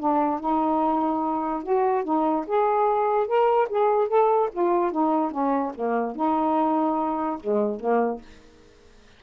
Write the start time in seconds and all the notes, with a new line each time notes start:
0.00 D4
0.40 D#4
1.64 F#4
2.05 D#4
2.48 G#4
3.27 A#4
3.70 G#4
4.08 A4
4.53 F4
4.92 D#4
5.32 C#4
5.75 A#3
6.16 D#4
7.40 G#3
7.81 A#3